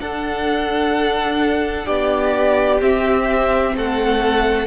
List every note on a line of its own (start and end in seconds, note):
0.00 1.88 D4
0.00 2.79 D4
0.00 1.86 A4
0.00 1.88 F#5
1.86 2.82 B3
1.86 3.74 G4
1.86 2.81 D5
2.79 4.67 C4
2.79 3.76 C4
2.79 3.76 E5
3.76 4.67 A3
3.76 4.67 A4
3.76 4.67 F#5